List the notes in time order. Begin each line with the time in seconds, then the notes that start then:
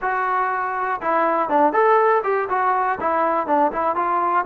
0.01 F#4
1.01 E4
1.49 D4
1.72 A4
2.23 G4
2.49 F#4
3.00 E4
3.46 D4
3.72 E4
3.95 F4